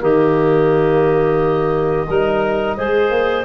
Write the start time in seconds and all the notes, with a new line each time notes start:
0.00 D#3 A#3 G4 D#5
2.08 G3 D#4 A#4
2.77 G#3 G#4 C5
3.11 A#3